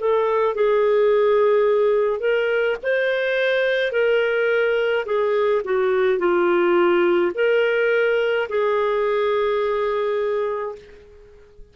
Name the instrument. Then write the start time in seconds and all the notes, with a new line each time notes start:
clarinet
0.00 A4
0.55 G#4
2.20 A#4
2.83 C5
3.92 A#4
5.06 G#4
5.65 F#4
6.19 F4
7.35 A#4
8.49 G#4